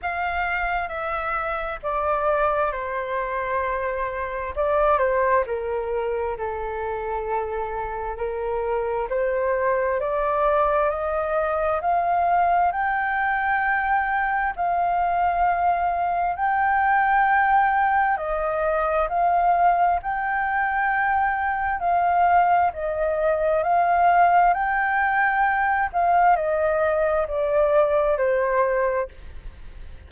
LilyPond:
\new Staff \with { instrumentName = "flute" } { \time 4/4 \tempo 4 = 66 f''4 e''4 d''4 c''4~ | c''4 d''8 c''8 ais'4 a'4~ | a'4 ais'4 c''4 d''4 | dis''4 f''4 g''2 |
f''2 g''2 | dis''4 f''4 g''2 | f''4 dis''4 f''4 g''4~ | g''8 f''8 dis''4 d''4 c''4 | }